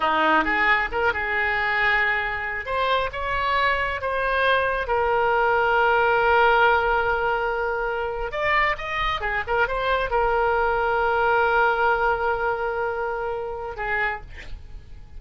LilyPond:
\new Staff \with { instrumentName = "oboe" } { \time 4/4 \tempo 4 = 135 dis'4 gis'4 ais'8 gis'4.~ | gis'2 c''4 cis''4~ | cis''4 c''2 ais'4~ | ais'1~ |
ais'2~ ais'8. d''4 dis''16~ | dis''8. gis'8 ais'8 c''4 ais'4~ ais'16~ | ais'1~ | ais'2. gis'4 | }